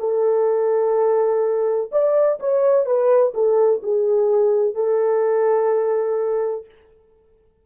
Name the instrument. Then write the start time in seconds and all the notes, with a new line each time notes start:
horn
0.00 A4
1.92 D5
2.40 C#5
2.86 B4
3.34 A4
3.83 G#4
4.75 A4